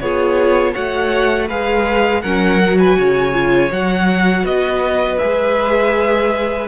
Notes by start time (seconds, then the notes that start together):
0.00 B3 F4 G#4 C#5
0.73 A3 F#4 C#5 F#5
1.47 G#3 G#4 B4 F5
2.22 F#3 C#4 A#4 F#5
2.61 F#4
2.79 B4 G#5
2.98 C#3 C#5
3.33 F4
3.71 F#3 F#4 F#5
4.44 B3 B4 D#5
5.19 G#3 G#4 E5